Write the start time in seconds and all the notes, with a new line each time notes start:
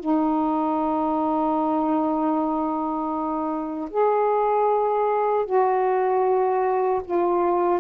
0.00 D#4
3.91 G#4
5.46 F#4
7.05 F4